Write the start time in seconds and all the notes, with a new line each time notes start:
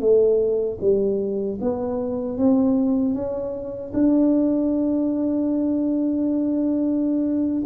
0.00 A3
0.81 G3
1.61 B3
2.38 C4
3.14 C#4
3.94 D4